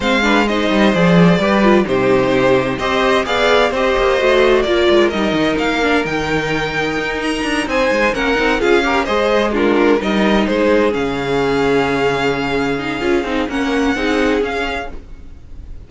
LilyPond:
<<
  \new Staff \with { instrumentName = "violin" } { \time 4/4 \tempo 4 = 129 f''4 dis''4 d''2 | c''2 dis''4 f''4 | dis''2 d''4 dis''4 | f''4 g''2~ g''8 ais''8~ |
ais''8 gis''4 fis''4 f''4 dis''8~ | dis''8 ais'4 dis''4 c''4 f''8~ | f''1~ | f''4 fis''2 f''4 | }
  \new Staff \with { instrumentName = "violin" } { \time 4/4 c''8 b'8 c''2 b'4 | g'2 c''4 d''4 | c''2 ais'2~ | ais'1~ |
ais'8 c''4 ais'4 gis'8 ais'8 c''8~ | c''8 f'4 ais'4 gis'4.~ | gis'1~ | gis'4 ais'4 gis'2 | }
  \new Staff \with { instrumentName = "viola" } { \time 4/4 c'8 d'8 dis'4 gis'4 g'8 f'8 | dis'2 g'4 gis'4 | g'4 fis'4 f'4 dis'4~ | dis'8 d'8 dis'2.~ |
dis'4. cis'8 dis'8 f'8 g'8 gis'8~ | gis'8 d'4 dis'2 cis'8~ | cis'2.~ cis'8 dis'8 | f'8 dis'8 cis'4 dis'4 cis'4 | }
  \new Staff \with { instrumentName = "cello" } { \time 4/4 gis4. g8 f4 g4 | c2 c'4 b4 | c'8 ais8 a4 ais8 gis8 g8 dis8 | ais4 dis2 dis'4 |
d'8 c'8 gis8 ais8 c'8 cis'4 gis8~ | gis4. g4 gis4 cis8~ | cis1 | cis'8 c'8 ais4 c'4 cis'4 | }
>>